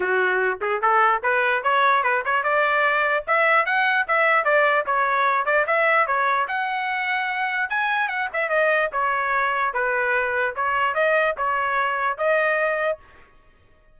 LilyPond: \new Staff \with { instrumentName = "trumpet" } { \time 4/4 \tempo 4 = 148 fis'4. gis'8 a'4 b'4 | cis''4 b'8 cis''8 d''2 | e''4 fis''4 e''4 d''4 | cis''4. d''8 e''4 cis''4 |
fis''2. gis''4 | fis''8 e''8 dis''4 cis''2 | b'2 cis''4 dis''4 | cis''2 dis''2 | }